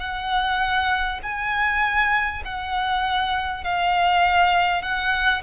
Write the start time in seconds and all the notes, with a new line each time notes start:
0.00 F#5
1.22 G#5
2.44 F#5
3.64 F5
4.82 F#5